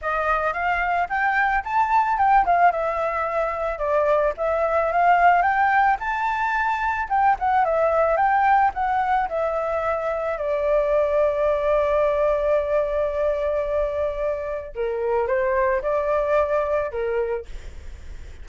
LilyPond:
\new Staff \with { instrumentName = "flute" } { \time 4/4 \tempo 4 = 110 dis''4 f''4 g''4 a''4 | g''8 f''8 e''2 d''4 | e''4 f''4 g''4 a''4~ | a''4 g''8 fis''8 e''4 g''4 |
fis''4 e''2 d''4~ | d''1~ | d''2. ais'4 | c''4 d''2 ais'4 | }